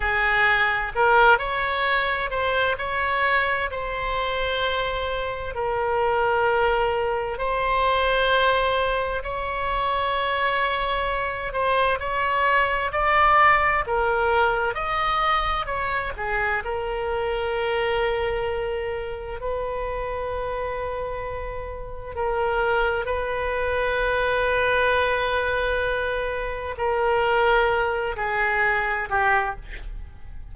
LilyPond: \new Staff \with { instrumentName = "oboe" } { \time 4/4 \tempo 4 = 65 gis'4 ais'8 cis''4 c''8 cis''4 | c''2 ais'2 | c''2 cis''2~ | cis''8 c''8 cis''4 d''4 ais'4 |
dis''4 cis''8 gis'8 ais'2~ | ais'4 b'2. | ais'4 b'2.~ | b'4 ais'4. gis'4 g'8 | }